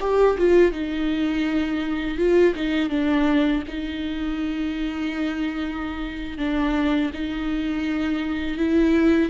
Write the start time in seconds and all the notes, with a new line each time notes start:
0.00 G4
0.37 F4
0.72 D#4
2.17 F4
2.54 D#4
2.89 D4
3.67 D#4
6.38 D4
7.13 D#4
8.57 E4